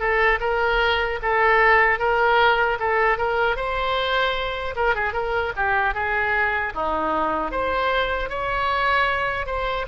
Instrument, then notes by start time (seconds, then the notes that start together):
oboe
0.00 A4
0.41 A#4
1.23 A4
2.00 A#4
2.80 A4
3.18 A#4
3.57 C5
4.76 A#4
4.96 G#4
5.14 A#4
5.57 G4
5.95 G#4
6.75 D#4
7.52 C5
8.30 C#5
9.47 C5